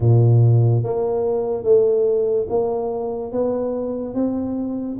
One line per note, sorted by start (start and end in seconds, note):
0.00 0.83 A#2
0.83 1.63 A#3
1.63 2.46 A3
2.48 3.31 A#3
3.31 4.14 B3
4.14 4.97 C4